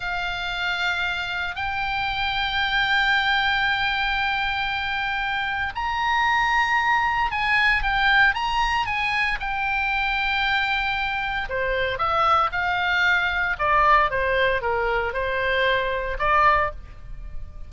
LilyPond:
\new Staff \with { instrumentName = "oboe" } { \time 4/4 \tempo 4 = 115 f''2. g''4~ | g''1~ | g''2. ais''4~ | ais''2 gis''4 g''4 |
ais''4 gis''4 g''2~ | g''2 c''4 e''4 | f''2 d''4 c''4 | ais'4 c''2 d''4 | }